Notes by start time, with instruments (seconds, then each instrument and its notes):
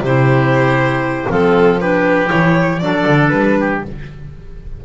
0.00 double bass C3, clarinet E4, oboe G4, violin C5
1.29 double bass F3, clarinet C4, oboe F4, violin A4
1.80 clarinet D4, oboe G4, violin B4
2.26 clarinet E4, violin C#5
2.33 double bass E3
2.79 double bass F#3, clarinet D4, oboe A4, violin D5
3.06 double bass D3
3.29 double bass G3, violin B4
3.60 oboe G4